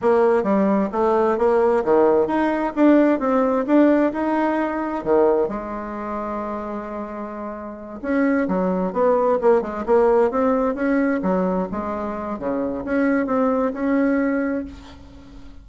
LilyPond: \new Staff \with { instrumentName = "bassoon" } { \time 4/4 \tempo 4 = 131 ais4 g4 a4 ais4 | dis4 dis'4 d'4 c'4 | d'4 dis'2 dis4 | gis1~ |
gis4. cis'4 fis4 b8~ | b8 ais8 gis8 ais4 c'4 cis'8~ | cis'8 fis4 gis4. cis4 | cis'4 c'4 cis'2 | }